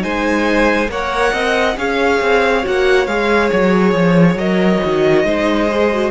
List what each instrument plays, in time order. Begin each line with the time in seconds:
0.00 cello G#3, viola D#4, violin C5 G#5
0.88 cello A#3, viola A#4, violin C#5 F#5
1.33 cello C4, violin D#5
1.76 cello C#4, viola G#4, violin C#5 F5
2.21 cello C4
2.63 cello A#3, viola F#4, violin F#5
3.06 cello G#3, viola G#4, violin F5
3.50 cello F#3, violin C#5
3.93 cello F3
4.35 cello F#3, viola A#4, violin D#5
4.82 cello D#3, viola F#4
5.24 cello G#3, viola D#4, violin C5
5.69 viola G#4
5.91 viola F#4